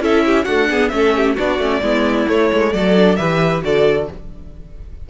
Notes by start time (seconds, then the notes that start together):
0.00 C#4 E4 A4 E5
0.25 G4
0.44 A3 D4 F#4 F#5
0.69 B3 G#4
0.89 A3 C#4 E5
0.95 A4
1.16 G4
1.34 B3 D4 F#4 D5
1.59 A3 C#4
1.82 G#3 B3 E4
2.27 A3 C#5
2.52 G#3
2.73 F#3 A4 D5
2.96 D4
3.16 E3 G4 B4 E5
3.62 D3 F#4 A4 D5